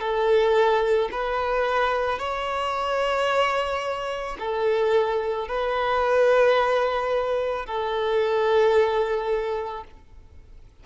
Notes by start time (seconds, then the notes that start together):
0.00 A4
1.12 B4
2.19 C#5
4.39 A4
5.48 B4
7.66 A4